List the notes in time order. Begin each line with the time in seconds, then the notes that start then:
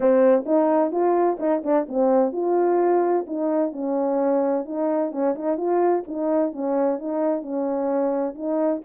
0.00 C4
0.45 D#4
0.91 F4
1.39 D#4
1.63 D4
1.88 C4
2.32 F4
3.26 D#4
3.72 C#4
4.65 D#4
5.11 C#4
5.35 D#4
5.57 F4
6.07 D#4
6.52 C#4
6.99 D#4
7.42 C#4
8.35 D#4